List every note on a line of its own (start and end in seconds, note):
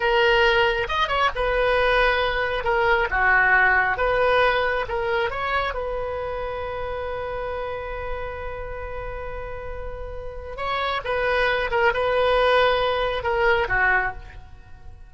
0.00 0.87 A#4
0.88 1.08 D#5
1.08 1.30 C#5
1.35 2.64 B4
2.64 3.08 A#4
3.10 3.97 F#4
3.97 4.85 B4
4.88 5.30 A#4
5.30 5.74 C#5
5.74 10.57 B4
10.57 11.01 C#5
11.04 11.70 B4
11.70 11.92 A#4
11.93 13.23 B4
13.23 13.67 A#4
13.68 14.12 F#4